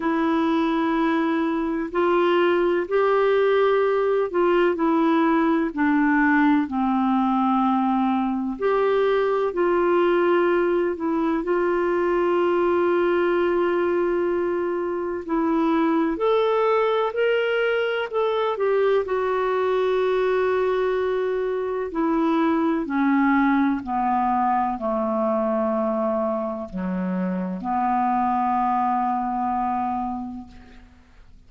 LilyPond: \new Staff \with { instrumentName = "clarinet" } { \time 4/4 \tempo 4 = 63 e'2 f'4 g'4~ | g'8 f'8 e'4 d'4 c'4~ | c'4 g'4 f'4. e'8 | f'1 |
e'4 a'4 ais'4 a'8 g'8 | fis'2. e'4 | cis'4 b4 a2 | fis4 b2. | }